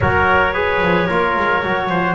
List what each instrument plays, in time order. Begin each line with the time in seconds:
0.00 double bass F#3, trombone F#4, trumpet A#4, clarinet C#5
0.53 trombone G#4, trumpet B4
0.81 double bass F3
1.06 double bass A#3, trombone F4, trumpet A#4
1.36 double bass G#3
1.63 double bass F#3, trombone F#4
1.89 double bass F3, trumpet C5